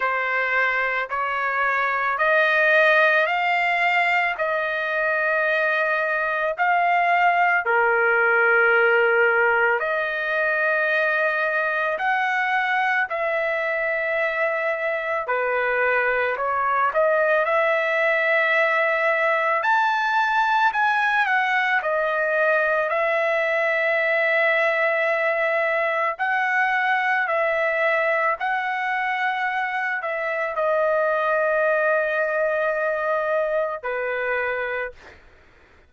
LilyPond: \new Staff \with { instrumentName = "trumpet" } { \time 4/4 \tempo 4 = 55 c''4 cis''4 dis''4 f''4 | dis''2 f''4 ais'4~ | ais'4 dis''2 fis''4 | e''2 b'4 cis''8 dis''8 |
e''2 a''4 gis''8 fis''8 | dis''4 e''2. | fis''4 e''4 fis''4. e''8 | dis''2. b'4 | }